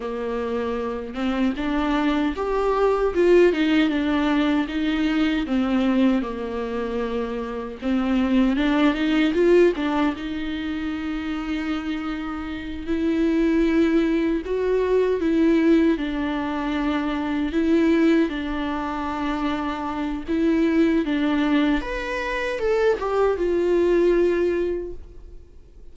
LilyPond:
\new Staff \with { instrumentName = "viola" } { \time 4/4 \tempo 4 = 77 ais4. c'8 d'4 g'4 | f'8 dis'8 d'4 dis'4 c'4 | ais2 c'4 d'8 dis'8 | f'8 d'8 dis'2.~ |
dis'8 e'2 fis'4 e'8~ | e'8 d'2 e'4 d'8~ | d'2 e'4 d'4 | b'4 a'8 g'8 f'2 | }